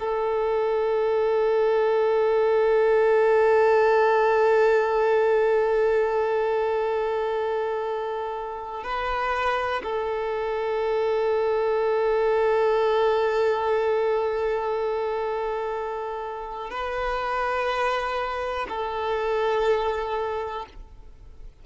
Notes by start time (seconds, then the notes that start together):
0.00 A4
8.84 B4
9.84 A4
16.70 B4
18.69 A4